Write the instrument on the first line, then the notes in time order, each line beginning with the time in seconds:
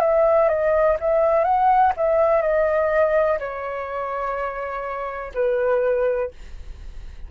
flute
0.00 E5
0.48 D#5
0.99 E5
1.44 F#5
1.97 E5
2.41 D#5
3.39 C#5
5.34 B4